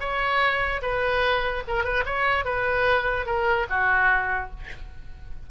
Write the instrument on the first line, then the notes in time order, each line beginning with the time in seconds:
oboe
0.00 C#5
0.82 B4
1.68 A#4
1.84 B4
2.05 C#5
2.45 B4
3.26 A#4
3.69 F#4